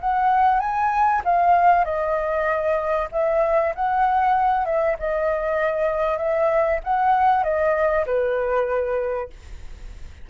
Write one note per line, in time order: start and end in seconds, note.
0.00 0.60 F#5
0.60 1.22 G#5
1.25 1.84 F5
1.84 3.08 D#5
3.12 3.74 E5
3.75 4.65 F#5
4.65 4.96 E5
4.99 6.18 D#5
6.18 6.80 E5
6.84 7.43 F#5
7.43 8.05 D#5
8.06 9.30 B4